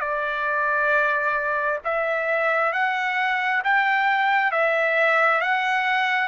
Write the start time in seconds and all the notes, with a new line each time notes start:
0.00 D5
1.84 E5
2.73 F#5
3.64 G5
4.51 E5
5.41 F#5